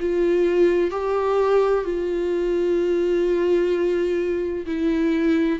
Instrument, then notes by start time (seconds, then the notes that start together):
viola
0.00 F4
0.91 G4
1.84 F4
4.66 E4